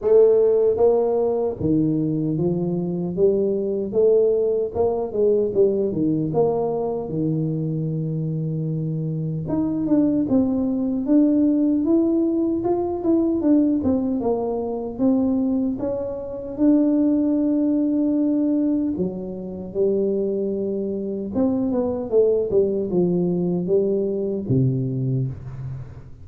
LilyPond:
\new Staff \with { instrumentName = "tuba" } { \time 4/4 \tempo 4 = 76 a4 ais4 dis4 f4 | g4 a4 ais8 gis8 g8 dis8 | ais4 dis2. | dis'8 d'8 c'4 d'4 e'4 |
f'8 e'8 d'8 c'8 ais4 c'4 | cis'4 d'2. | fis4 g2 c'8 b8 | a8 g8 f4 g4 c4 | }